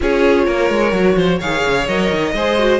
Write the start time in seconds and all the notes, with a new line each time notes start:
0.00 C#4 F4 G#4 C#5
0.45 A#3 A#4
0.70 G#3
0.92 F#3 F#4
1.16 F3 C5
1.38 D#3 G#4 C#5 F5
1.65 C#3
1.87 F#3 A#4 D#5
2.11 D#3
2.35 G#3 G#4 C5
2.58 F#4